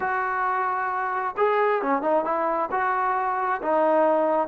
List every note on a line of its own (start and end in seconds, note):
0.00 1.35 F#4
1.37 1.82 G#4
1.82 2.02 C#4
2.02 2.24 D#4
2.24 2.69 E4
2.71 3.61 F#4
3.62 4.48 D#4